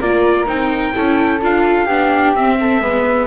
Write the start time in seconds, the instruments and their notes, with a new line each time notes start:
0.00 double bass A#3, viola F4, flute A#4, trumpet D5
0.46 double bass C4, viola D#4, trumpet G5
0.93 double bass C#4, viola E4, flute A4
1.42 double bass D4, viola F4, trumpet F5
1.86 double bass B3, viola D4, flute G4
2.35 double bass C4, viola C4, trumpet E5
2.61 flute A4
2.81 double bass G#3, viola B3, flute B4